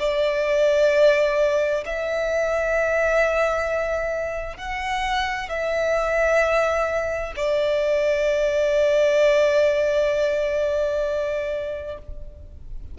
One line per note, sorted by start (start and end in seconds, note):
0.00 1.85 D5
1.86 4.57 E5
4.57 5.49 F#5
5.49 7.34 E5
7.36 11.98 D5